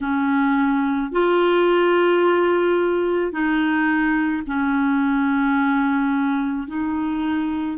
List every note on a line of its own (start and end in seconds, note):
0.00 1.11 C#4
1.11 3.31 F4
3.31 4.42 D#4
4.46 6.67 C#4
6.67 7.77 D#4